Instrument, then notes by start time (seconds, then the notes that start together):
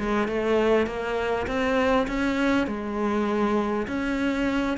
cello
0.00 G#3
0.28 A3
0.87 A#3
1.47 C4
2.08 C#4
2.68 G#3
3.88 C#4